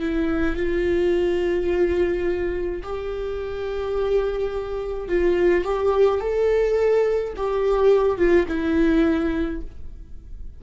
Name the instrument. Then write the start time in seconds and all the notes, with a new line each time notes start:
viola
0.00 E4
0.56 F4
2.83 G4
5.08 F4
5.64 G4
6.21 A4
7.37 G4
8.18 F4
8.48 E4